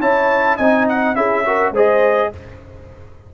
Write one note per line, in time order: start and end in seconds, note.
0.00 0.58 C#4
0.00 0.59 E4
0.00 0.57 C#5
0.00 0.57 A5
0.57 1.15 C4
0.57 1.16 D#4
0.57 1.14 D#5
0.57 0.86 G#5
0.89 1.15 F#5
1.15 1.71 C#4
1.15 1.44 E4
1.15 1.46 G#4
1.15 1.73 E5
1.45 1.74 F#4
1.45 1.73 A#4
1.71 2.29 G#3
1.71 2.33 G#4
1.71 2.31 C5
1.71 2.34 D#5